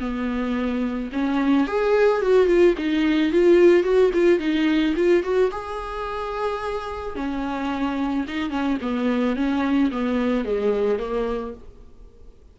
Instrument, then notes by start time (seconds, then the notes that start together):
viola
0.00 B3
1.13 C#4
1.67 G#4
2.22 F#4
2.47 F4
2.77 D#4
3.32 F4
3.83 F#4
4.14 F4
4.39 D#4
4.96 F4
5.23 F#4
5.51 G#4
7.16 C#4
8.28 D#4
8.50 C#4
8.82 B3
9.36 C#4
9.91 B3
10.45 G#3
10.99 A#3